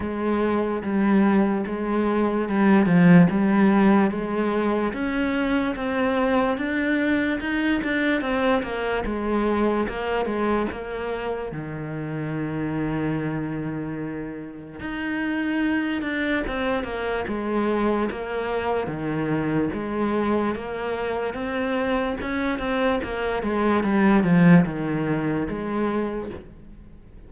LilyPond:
\new Staff \with { instrumentName = "cello" } { \time 4/4 \tempo 4 = 73 gis4 g4 gis4 g8 f8 | g4 gis4 cis'4 c'4 | d'4 dis'8 d'8 c'8 ais8 gis4 | ais8 gis8 ais4 dis2~ |
dis2 dis'4. d'8 | c'8 ais8 gis4 ais4 dis4 | gis4 ais4 c'4 cis'8 c'8 | ais8 gis8 g8 f8 dis4 gis4 | }